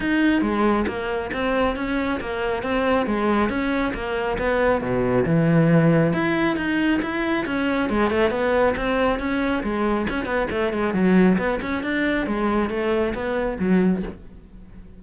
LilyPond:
\new Staff \with { instrumentName = "cello" } { \time 4/4 \tempo 4 = 137 dis'4 gis4 ais4 c'4 | cis'4 ais4 c'4 gis4 | cis'4 ais4 b4 b,4 | e2 e'4 dis'4 |
e'4 cis'4 gis8 a8 b4 | c'4 cis'4 gis4 cis'8 b8 | a8 gis8 fis4 b8 cis'8 d'4 | gis4 a4 b4 fis4 | }